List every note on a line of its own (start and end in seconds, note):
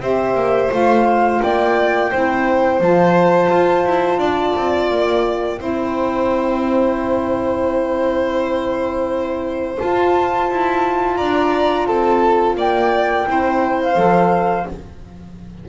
0.00 0.35 C4
0.00 0.71 G4
0.00 1.42 C5
0.00 0.72 E5
0.35 0.69 A#3
0.71 1.41 A3
0.71 2.10 F4
0.71 1.42 F5
1.42 2.12 A#3
1.42 2.10 D5
1.42 2.81 G5
2.10 2.80 C4
2.10 2.81 E4
2.10 4.20 C5
2.80 3.50 F3
2.80 5.57 F4
2.80 4.90 A5
3.51 3.85 F4
3.85 4.18 E4
4.18 4.53 D4
4.18 5.59 D5
4.56 4.90 C4
4.90 5.60 A#3
4.90 9.78 G5
5.57 9.78 C4
5.57 9.75 E4
5.57 11.17 C5
9.77 13.25 F4
9.77 10.50 F4
9.77 11.16 A5
10.50 11.20 E4
11.16 11.87 D4
11.16 11.87 D5
11.16 11.86 A#5
11.86 12.56 C4
11.86 12.57 A4
11.86 12.56 A5
12.56 13.26 A#3
12.56 13.27 D5
12.56 13.82 G5
13.25 13.96 C4
13.25 13.94 E4
13.25 14.69 C5
13.82 14.69 F5
13.94 14.66 F3
13.94 14.64 A4